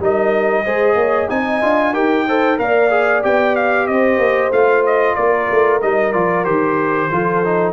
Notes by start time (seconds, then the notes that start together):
0.00 G3 D#4 A#4 D#5
0.64 G#3 G#4 C5
0.95 A#3 C#5
1.30 C4 D#4 D#5 G#5
1.62 D4 F4
1.94 D#4 G4 A#4 G5
2.28 A4 C5
2.58 A#3 A#4 D5 F5
2.90 G#4
3.23 B3 G4 G5
3.56 F5
3.87 C4 C5 D#5
4.18 A#3
4.52 A3 F4 F5
4.87 D#5
5.15 A#3 A#4 D5
5.51 A3
5.82 G3 D#4 D#5
6.13 F3 F4 D5
6.45 D#3 G4 C5
7.11 F3 F4 A4
7.45 D#4